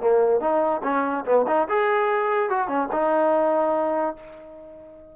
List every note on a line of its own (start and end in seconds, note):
0.00 0.40 A#3
0.40 0.81 D#4
0.83 1.24 C#4
1.25 1.46 B3
1.47 1.68 D#4
1.69 2.49 G#4
2.49 2.67 F#4
2.67 2.88 C#4
2.92 4.16 D#4